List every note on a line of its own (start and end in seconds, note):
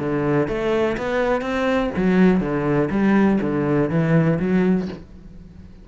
0.00 0.48 D3
0.48 0.97 A3
0.98 1.42 B3
1.42 1.90 C4
1.97 2.41 F#3
2.41 2.89 D3
2.91 3.39 G3
3.41 3.90 D3
3.90 4.39 E3
4.40 4.88 F#3